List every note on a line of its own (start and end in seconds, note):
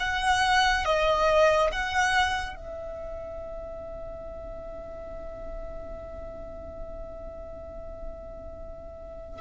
0.00 0.85 F#5
0.85 1.71 D#5
1.72 2.56 F#5
2.56 9.41 E5